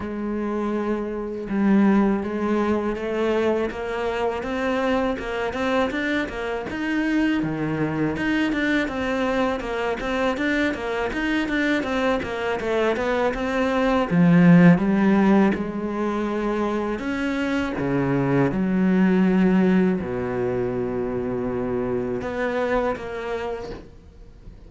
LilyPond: \new Staff \with { instrumentName = "cello" } { \time 4/4 \tempo 4 = 81 gis2 g4 gis4 | a4 ais4 c'4 ais8 c'8 | d'8 ais8 dis'4 dis4 dis'8 d'8 | c'4 ais8 c'8 d'8 ais8 dis'8 d'8 |
c'8 ais8 a8 b8 c'4 f4 | g4 gis2 cis'4 | cis4 fis2 b,4~ | b,2 b4 ais4 | }